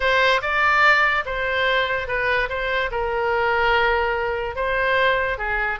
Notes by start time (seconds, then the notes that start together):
0.00 C5
0.41 D5
1.25 C5
2.07 B4
2.49 C5
2.91 A#4
4.55 C5
5.38 G#4